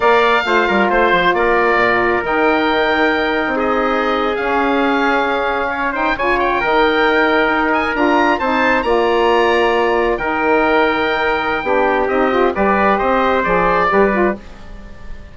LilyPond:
<<
  \new Staff \with { instrumentName = "oboe" } { \time 4/4 \tempo 4 = 134 f''2 c''4 d''4~ | d''4 g''2. | dis''4.~ dis''16 f''2~ f''16~ | f''4~ f''16 g''8 gis''8 g''4.~ g''16~ |
g''4~ g''16 gis''8 ais''4 a''4 ais''16~ | ais''2~ ais''8. g''4~ g''16~ | g''2. dis''4 | d''4 dis''4 d''2 | }
  \new Staff \with { instrumentName = "trumpet" } { \time 4/4 d''4 c''8 ais'8 c''4 ais'4~ | ais'1 | gis'1~ | gis'8. cis''8 c''8 cis''4 ais'4~ ais'16~ |
ais'2~ ais'8. c''4 d''16~ | d''2~ d''8. ais'4~ ais'16~ | ais'2 g'2 | b'4 c''2 b'4 | }
  \new Staff \with { instrumentName = "saxophone" } { \time 4/4 ais'4 f'2.~ | f'4 dis'2.~ | dis'4.~ dis'16 cis'2~ cis'16~ | cis'4~ cis'16 dis'8 f'4 dis'4~ dis'16~ |
dis'4.~ dis'16 f'4 dis'4 f'16~ | f'2~ f'8. dis'4~ dis'16~ | dis'2 d'4 dis'8 f'8 | g'2 gis'4 g'8 f'8 | }
  \new Staff \with { instrumentName = "bassoon" } { \time 4/4 ais4 a8 g8 a8 f8 ais4 | ais,4 dis2~ dis8. c'16~ | c'4.~ c'16 cis'2~ cis'16~ | cis'4.~ cis'16 cis4 dis4~ dis16~ |
dis8. dis'4 d'4 c'4 ais16~ | ais2~ ais8. dis4~ dis16~ | dis2 b4 c'4 | g4 c'4 f4 g4 | }
>>